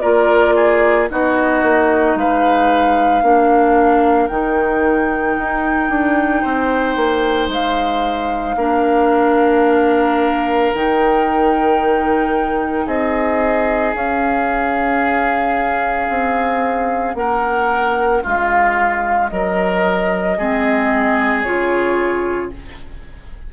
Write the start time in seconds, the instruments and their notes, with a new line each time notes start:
0.00 bassoon A#3, clarinet F4, oboe A#4, flute D5
0.55 oboe G#4
1.09 bassoon B3, clarinet D#4, oboe F#4, flute D#5
1.62 bassoon A#3
2.15 bassoon G#3, oboe B4, flute F5
3.22 bassoon A#3, clarinet D4, oboe A#4
4.27 bassoon D#3, clarinet D#4, flute G5
5.38 bassoon D#4
5.89 bassoon D4
6.41 bassoon C4, oboe C5
6.96 bassoon A#3
7.48 bassoon G#3, flute F5
8.56 bassoon A#3, clarinet D4, oboe A#4
10.73 bassoon D#3, clarinet D#4, flute G5
12.86 bassoon C4, oboe G#4, flute D#5
13.94 clarinet C#4, bassoon C#4, flute F5
16.09 bassoon C4
17.15 bassoon A#3, oboe A#4, flute F#5
18.23 bassoon G#3, oboe F4, flute F5
19.28 bassoon F#3, oboe A#4, flute D#5
20.37 bassoon G#3, clarinet C4, oboe G#4
21.42 bassoon C#3, clarinet F4, flute C#5